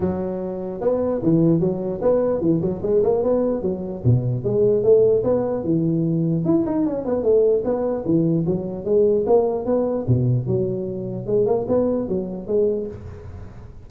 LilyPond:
\new Staff \with { instrumentName = "tuba" } { \time 4/4 \tempo 4 = 149 fis2 b4 e4 | fis4 b4 e8 fis8 gis8 ais8 | b4 fis4 b,4 gis4 | a4 b4 e2 |
e'8 dis'8 cis'8 b8 a4 b4 | e4 fis4 gis4 ais4 | b4 b,4 fis2 | gis8 ais8 b4 fis4 gis4 | }